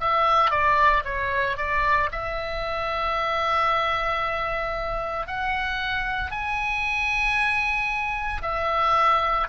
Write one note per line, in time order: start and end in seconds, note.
0.00 0.50 E5
0.50 1.03 D5
1.05 1.57 C#5
1.57 2.10 D5
2.11 5.27 E5
5.27 6.31 F#5
6.31 8.42 G#5
8.42 9.47 E5